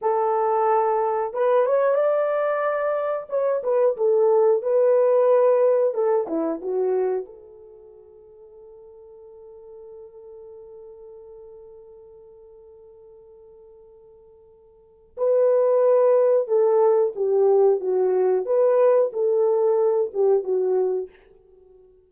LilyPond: \new Staff \with { instrumentName = "horn" } { \time 4/4 \tempo 4 = 91 a'2 b'8 cis''8 d''4~ | d''4 cis''8 b'8 a'4 b'4~ | b'4 a'8 e'8 fis'4 a'4~ | a'1~ |
a'1~ | a'2. b'4~ | b'4 a'4 g'4 fis'4 | b'4 a'4. g'8 fis'4 | }